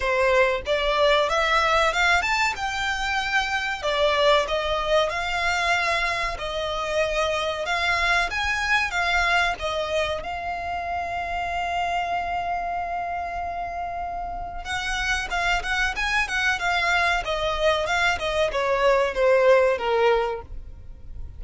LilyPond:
\new Staff \with { instrumentName = "violin" } { \time 4/4 \tempo 4 = 94 c''4 d''4 e''4 f''8 a''8 | g''2 d''4 dis''4 | f''2 dis''2 | f''4 gis''4 f''4 dis''4 |
f''1~ | f''2. fis''4 | f''8 fis''8 gis''8 fis''8 f''4 dis''4 | f''8 dis''8 cis''4 c''4 ais'4 | }